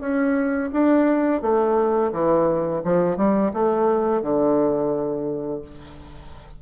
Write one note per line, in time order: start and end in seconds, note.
0.00 0.70 C#4
0.72 1.41 D4
1.41 2.11 A3
2.12 2.82 E3
2.84 3.16 F3
3.16 3.51 G3
3.53 4.22 A3
4.22 5.61 D3